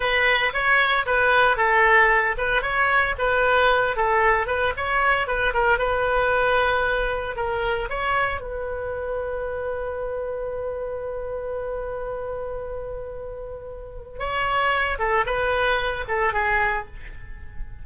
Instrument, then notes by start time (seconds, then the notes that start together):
oboe
0.00 B4
0.53 C#5
1.06 B4
1.56 A4
2.37 B4
2.62 C#5
3.18 B4
3.96 A4
4.46 B4
4.76 C#5
5.27 B4
5.53 A#4
5.78 B4
7.36 A#4
7.89 C#5
8.40 B4
14.19 C#5
14.98 A4
15.26 B4
16.08 A4
16.33 G#4